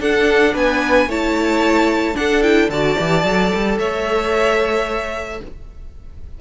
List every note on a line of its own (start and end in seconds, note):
0.00 1.08 D4
0.00 0.54 D4
0.00 0.54 A4
0.00 0.55 F#5
0.54 1.07 B3
0.54 1.08 B4
0.54 1.11 G#5
1.07 2.15 A3
1.07 2.14 E4
1.07 2.16 C#5
1.07 2.16 A5
2.14 2.41 D4
2.14 2.69 D4
2.14 2.72 A4
2.14 2.43 F#5
2.42 2.69 E4
2.42 2.70 G5
2.69 2.96 D3
2.69 2.98 F#4
2.69 3.79 D5
2.69 3.78 A5
2.98 3.24 E3
2.98 3.24 G4
3.24 3.51 F#3
3.24 5.40 A4
3.55 3.79 G3
3.78 5.41 A3
3.78 5.41 C#5
3.78 5.41 E5